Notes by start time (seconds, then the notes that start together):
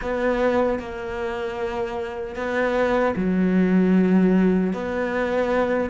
0.01 B3
0.79 A#3
2.35 B3
3.16 F#3
4.73 B3